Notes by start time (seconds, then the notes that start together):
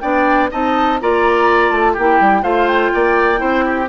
0.00 B3 D4 D5 G5
0.51 C4 D#4 D#5 A5
1.01 A#3 F4 D5 A#5
1.71 A3 A5
1.93 A#3 E4 G4 G5
2.21 G3
2.43 A3 F4 C5 F5
2.68 G5
2.94 A#3 D5
3.37 C4 E4 C5
3.65 G4